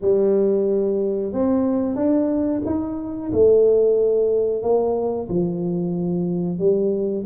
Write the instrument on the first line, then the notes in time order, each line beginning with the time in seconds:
tuba
0.01 G3
1.32 C4
1.95 D4
2.65 D#4
3.31 A3
4.62 A#3
5.29 F3
6.58 G3